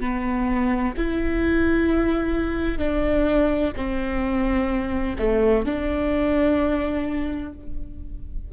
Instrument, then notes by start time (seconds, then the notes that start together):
viola
0.00 B3
0.98 E4
2.79 D4
3.76 C4
5.19 A3
5.65 D4